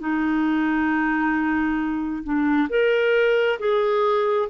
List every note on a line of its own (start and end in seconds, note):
0.00 2.24 D#4
2.24 2.69 D4
2.69 3.59 A#4
3.59 4.49 G#4